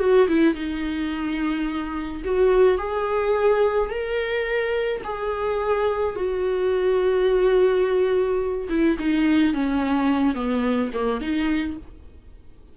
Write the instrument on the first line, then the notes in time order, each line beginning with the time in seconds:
viola
0.00 F#4
0.29 E4
0.55 D#4
2.25 F#4
2.79 G#4
3.90 A#4
5.04 G#4
6.16 F#4
8.70 E4
8.99 D#4
9.54 C#4
10.35 B3
10.94 A#3
11.21 D#4